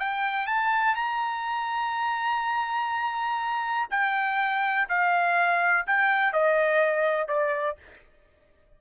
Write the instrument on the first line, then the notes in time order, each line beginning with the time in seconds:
trumpet
0.00 G5
0.47 A5
0.96 A#5
3.91 G5
4.89 F5
5.87 G5
6.33 D#5
7.28 D5